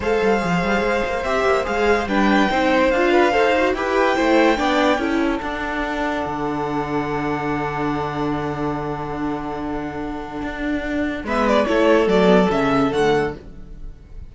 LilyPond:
<<
  \new Staff \with { instrumentName = "violin" } { \time 4/4 \tempo 4 = 144 f''2. e''4 | f''4 g''2 f''4~ | f''4 g''2.~ | g''4 fis''2.~ |
fis''1~ | fis''1~ | fis''2. e''8 d''8 | cis''4 d''4 e''4 fis''4 | }
  \new Staff \with { instrumentName = "violin" } { \time 4/4 c''1~ | c''4 b'4 c''4. b'8 | c''4 b'4 c''4 d''4 | a'1~ |
a'1~ | a'1~ | a'2. b'4 | a'1 | }
  \new Staff \with { instrumentName = "viola" } { \time 4/4 a'4 gis'2 g'4 | gis'4 d'4 dis'4 f'4 | a'8 fis'8 g'4 e'4 d'4 | e'4 d'2.~ |
d'1~ | d'1~ | d'2. b4 | e'4 a8 b8 cis'4 a4 | }
  \new Staff \with { instrumentName = "cello" } { \time 4/4 gis8 g8 f8 g8 gis8 ais8 c'8 ais8 | gis4 g4 c'4 d'4 | dis'4 e'4 a4 b4 | cis'4 d'2 d4~ |
d1~ | d1~ | d4 d'2 gis4 | a4 fis4 cis4 d4 | }
>>